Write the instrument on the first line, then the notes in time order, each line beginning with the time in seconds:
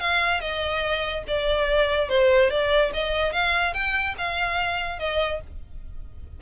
violin
0.00 F5
0.41 D#5
1.28 D5
2.09 C5
2.50 D5
2.94 D#5
3.33 F5
3.74 G5
4.18 F5
5.00 D#5